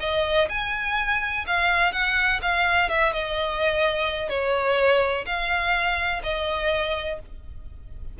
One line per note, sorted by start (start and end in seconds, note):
0.00 0.48 D#5
0.49 1.45 G#5
1.47 1.92 F5
1.92 2.40 F#5
2.42 2.89 F5
2.89 3.13 E5
3.13 4.29 D#5
4.29 5.25 C#5
5.26 6.22 F5
6.23 7.19 D#5